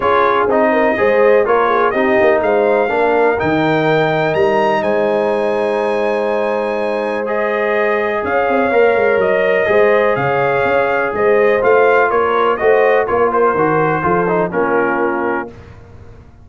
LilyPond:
<<
  \new Staff \with { instrumentName = "trumpet" } { \time 4/4 \tempo 4 = 124 cis''4 dis''2 cis''4 | dis''4 f''2 g''4~ | g''4 ais''4 gis''2~ | gis''2. dis''4~ |
dis''4 f''2 dis''4~ | dis''4 f''2 dis''4 | f''4 cis''4 dis''4 cis''8 c''8~ | c''2 ais'2 | }
  \new Staff \with { instrumentName = "horn" } { \time 4/4 gis'4. ais'8 c''4 ais'8 gis'8 | g'4 c''4 ais'2~ | ais'2 c''2~ | c''1~ |
c''4 cis''2. | c''4 cis''2 c''4~ | c''4 ais'4 c''4 ais'4~ | ais'4 a'4 f'2 | }
  \new Staff \with { instrumentName = "trombone" } { \time 4/4 f'4 dis'4 gis'4 f'4 | dis'2 d'4 dis'4~ | dis'1~ | dis'2. gis'4~ |
gis'2 ais'2 | gis'1 | f'2 fis'4 f'4 | fis'4 f'8 dis'8 cis'2 | }
  \new Staff \with { instrumentName = "tuba" } { \time 4/4 cis'4 c'4 gis4 ais4 | c'8 ais8 gis4 ais4 dis4~ | dis4 g4 gis2~ | gis1~ |
gis4 cis'8 c'8 ais8 gis8 fis4 | gis4 cis4 cis'4 gis4 | a4 ais4 a4 ais4 | dis4 f4 ais2 | }
>>